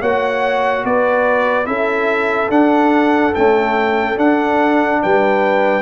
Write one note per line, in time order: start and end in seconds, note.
0.00 0.84 A#3
0.00 1.65 F#4
0.00 0.83 C#5
0.00 0.85 F#5
0.84 1.67 B3
0.84 1.68 B4
0.84 1.66 D5
1.65 2.49 C#4
1.65 2.48 E4
1.65 5.01 A4
1.65 2.49 E5
2.49 3.33 D4
2.49 3.34 D4
2.49 3.34 F#5
3.35 4.16 A3
3.35 4.18 C#4
3.35 4.18 G5
4.16 5.82 D4
4.16 5.01 D4
4.16 5.02 F#5
5.03 5.82 G3
5.03 5.82 B4
5.03 5.82 G5